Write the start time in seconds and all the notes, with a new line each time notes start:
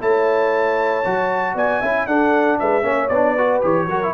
0.00 A3 E4 C#5 A5
1.05 F#3 F#4
1.55 B3 D5 G#5
1.80 C#4 E4 E5
2.06 D4 A4 F#5
2.59 G#3 B4 E5
2.82 A#3 C#4 C#5
3.08 B3 D4 D5
3.34 F#4 B4
3.61 E3 G4 C#5
3.87 F#3 F#4 A#4
4.03 E4